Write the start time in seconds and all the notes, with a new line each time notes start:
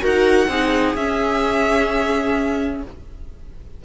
0.00 D#4 F#4 A#4 F#5
0.47 C4 D#4 G#4
0.95 C#4 E5